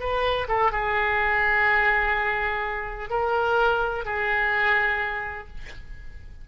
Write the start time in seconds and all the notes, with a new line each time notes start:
0.00 B4
0.48 A4
0.72 G#4
3.10 A#4
4.05 G#4